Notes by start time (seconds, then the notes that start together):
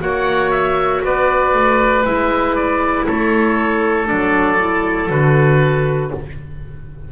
0.00 A#3 F#4 C#5 F#5
0.51 E5
1.04 B3 B4 D5
1.54 A3
2.05 G#3 E4 E5
2.56 D5
3.07 A3 A4 C#5
4.07 F#3 D4 D5
4.58 E4
5.10 D3 F#4 B4